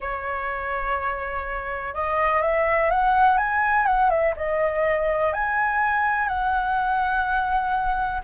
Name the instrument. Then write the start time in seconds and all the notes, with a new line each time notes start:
flute
0.00 C#5
1.94 D#5
2.41 E5
2.90 F#5
3.37 G#5
3.86 F#5
4.10 E5
4.36 D#5
5.33 G#5
6.27 F#5